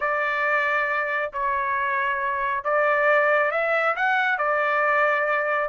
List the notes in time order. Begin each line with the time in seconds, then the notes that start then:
0.00 D5
1.32 C#5
2.64 D5
3.51 E5
3.96 F#5
4.38 D5